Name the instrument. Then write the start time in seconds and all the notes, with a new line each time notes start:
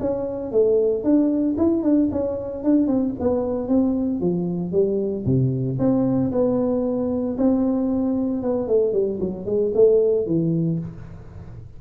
tuba
0.00 C#4
0.51 A3
1.03 D4
1.57 E4
1.83 D4
2.11 C#4
2.63 D4
2.87 C4
3.20 B3
3.68 C4
4.20 F3
4.72 G3
5.25 C3
5.78 C4
6.31 B3
7.37 C4
8.42 B3
8.67 A3
8.93 G3
9.20 F#3
9.45 G#3
9.74 A3
10.26 E3